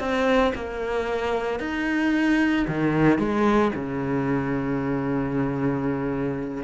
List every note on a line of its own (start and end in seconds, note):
0.00 0.53 C4
0.55 1.60 A#3
1.60 2.66 D#4
2.68 3.19 D#3
3.19 3.72 G#3
3.76 6.64 C#3